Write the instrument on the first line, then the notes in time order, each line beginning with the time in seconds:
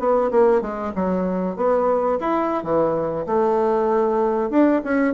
bassoon
0.00 B3
0.32 A#3
0.62 G#3
0.96 F#3
1.57 B3
2.21 E4
2.64 E3
3.27 A3
4.51 D4
4.85 C#4